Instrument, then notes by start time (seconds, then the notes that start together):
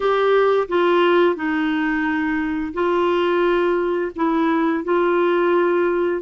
clarinet
0.00 G4
0.68 F4
1.35 D#4
2.73 F4
4.15 E4
4.84 F4